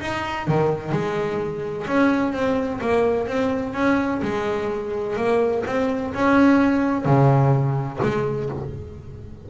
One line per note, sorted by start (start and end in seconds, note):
0.00 0.47 D#4
0.47 0.91 D#3
0.91 1.86 G#3
1.87 2.33 C#4
2.33 2.80 C4
2.80 3.27 A#3
3.27 3.73 C4
3.73 4.21 C#4
4.22 5.16 G#3
5.16 5.63 A#3
5.66 6.13 C4
6.14 7.05 C#4
7.05 7.99 C#3
8.02 8.49 G#3